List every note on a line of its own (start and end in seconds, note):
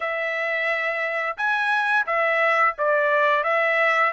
0.00 1.36 E5
1.37 2.06 G#5
2.06 2.75 E5
2.78 3.43 D5
3.43 4.12 E5